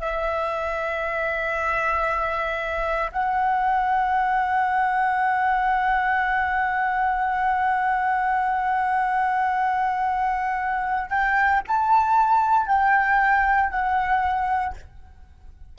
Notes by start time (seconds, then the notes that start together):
0.00 E5
3.12 F#5
11.10 G5
11.68 A5
12.67 G5
13.70 F#5